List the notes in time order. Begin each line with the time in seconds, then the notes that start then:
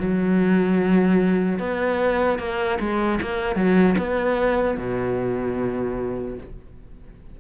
0.00 F#3
1.59 B3
2.39 A#3
2.80 G#3
3.22 A#3
3.56 F#3
3.99 B3
4.78 B2